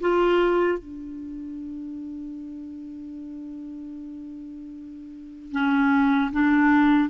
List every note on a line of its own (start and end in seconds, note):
0.00 0.78 F4
0.78 5.52 D4
5.52 6.31 C#4
6.32 7.09 D4